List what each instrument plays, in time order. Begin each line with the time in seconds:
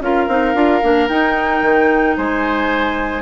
0.00 bassoon C#4, clarinet F4, oboe A#4, flute F5
0.28 bassoon C4, clarinet D#4
0.54 bassoon D4, clarinet F4
0.82 bassoon A#3, clarinet D4
1.08 bassoon D#4, clarinet D#4, flute G5
1.62 bassoon D#3
2.17 bassoon G#3, oboe C5, flute G#5